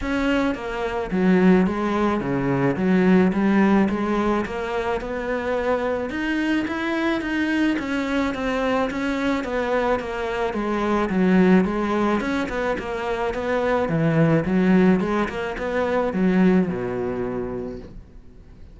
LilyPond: \new Staff \with { instrumentName = "cello" } { \time 4/4 \tempo 4 = 108 cis'4 ais4 fis4 gis4 | cis4 fis4 g4 gis4 | ais4 b2 dis'4 | e'4 dis'4 cis'4 c'4 |
cis'4 b4 ais4 gis4 | fis4 gis4 cis'8 b8 ais4 | b4 e4 fis4 gis8 ais8 | b4 fis4 b,2 | }